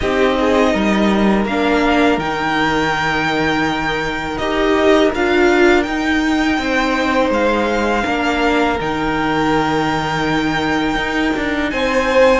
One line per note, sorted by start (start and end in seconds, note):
0.00 0.74 C4
0.00 1.47 D#4
0.00 0.37 G4
0.00 1.45 D#5
0.40 0.73 G#4
0.73 1.45 G3
0.73 6.58 A#4
1.45 2.17 A#3
1.45 2.20 D4
1.45 2.19 F5
2.17 4.37 D#3
2.17 4.39 D#4
2.17 4.37 G5
4.37 5.12 D#4
4.37 5.13 G4
4.37 5.10 D#5
5.14 5.86 D4
5.14 5.84 F4
5.14 5.82 F5
5.82 8.04 D#4
5.82 6.58 D#4
5.82 7.29 G5
6.58 7.30 C4
6.58 8.04 C5
7.30 8.03 G#3
7.30 8.79 F5
8.04 8.79 A#3
8.04 8.78 D4
8.04 11.70 A#4
8.80 10.95 D#3
8.80 12.39 D#4
8.80 11.70 G5
10.95 11.31 D#4
11.36 11.72 D4
11.70 12.39 C4
11.70 12.39 C5
11.70 12.39 G#5